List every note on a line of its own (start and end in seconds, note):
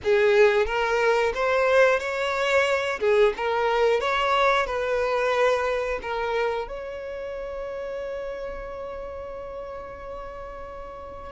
0.03 0.66 G#4
0.66 1.32 A#4
1.34 1.99 C5
1.99 2.99 C#5
3.00 3.33 G#4
3.36 4.00 A#4
4.00 4.66 C#5
4.66 5.99 B4
6.02 6.68 A#4
6.68 11.32 C#5